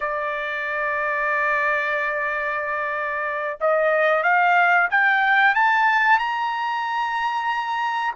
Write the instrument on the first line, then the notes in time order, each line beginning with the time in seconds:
trumpet
0.00 D5
3.60 D#5
4.23 F5
4.90 G5
5.54 A5
6.18 A#5